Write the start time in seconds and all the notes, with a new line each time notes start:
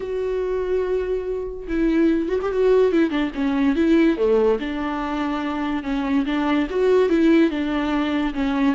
0.00 F#4
1.67 E4
2.28 F#4
2.42 G4
2.52 F#4
2.92 E4
3.10 D4
3.34 C#4
3.75 E4
4.17 A3
4.59 D4
5.83 C#4
6.25 D4
6.70 F#4
7.09 E4
7.50 D4
8.34 C#4